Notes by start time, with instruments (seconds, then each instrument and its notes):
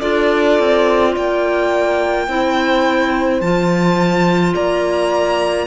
0.00 cello D4, clarinet F4, horn A4, violin D5
0.60 cello C4
1.14 cello A#3, horn D5, violin G5
2.28 cello C4, clarinet E4, horn C5
3.41 cello F3, clarinet F4, violin A5
4.54 cello A#3, horn D5, violin A#5